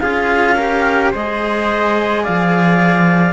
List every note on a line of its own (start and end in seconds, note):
0.00 1.14 C#4
0.00 0.57 F4
0.00 0.56 G#4
0.00 1.11 F5
0.56 1.13 G4
0.56 1.11 A#4
1.12 2.26 G#3
1.12 3.33 G#4
1.12 2.23 C5
1.12 2.24 D#5
2.23 3.33 F3
2.23 3.33 D5
2.23 3.33 F5